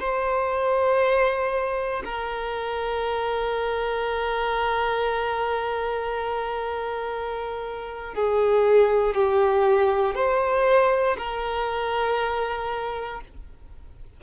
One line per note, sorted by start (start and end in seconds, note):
0.00 2.03 C5
2.05 8.15 A#4
8.15 9.15 G#4
9.15 10.16 G4
10.16 11.17 C5
11.18 13.21 A#4